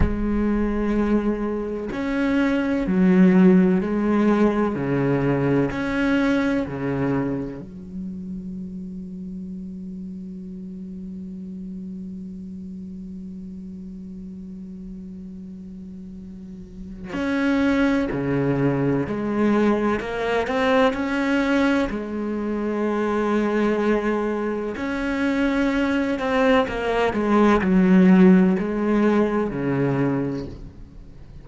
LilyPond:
\new Staff \with { instrumentName = "cello" } { \time 4/4 \tempo 4 = 63 gis2 cis'4 fis4 | gis4 cis4 cis'4 cis4 | fis1~ | fis1~ |
fis2 cis'4 cis4 | gis4 ais8 c'8 cis'4 gis4~ | gis2 cis'4. c'8 | ais8 gis8 fis4 gis4 cis4 | }